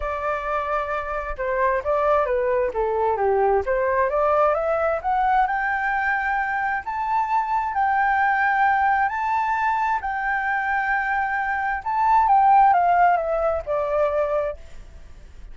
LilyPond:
\new Staff \with { instrumentName = "flute" } { \time 4/4 \tempo 4 = 132 d''2. c''4 | d''4 b'4 a'4 g'4 | c''4 d''4 e''4 fis''4 | g''2. a''4~ |
a''4 g''2. | a''2 g''2~ | g''2 a''4 g''4 | f''4 e''4 d''2 | }